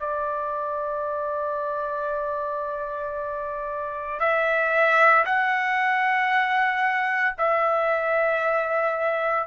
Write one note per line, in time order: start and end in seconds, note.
0.00 4.20 D5
4.20 5.25 E5
5.26 7.36 F#5
7.38 9.47 E5